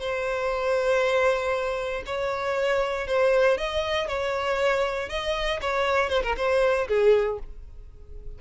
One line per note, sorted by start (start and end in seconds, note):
0.00 2.03 C5
2.06 3.07 C#5
3.07 3.58 C5
3.58 4.08 D#5
4.08 5.09 C#5
5.09 5.60 D#5
5.61 6.10 C#5
6.10 6.23 C5
6.23 6.36 A#4
6.37 6.88 C5
6.88 7.39 G#4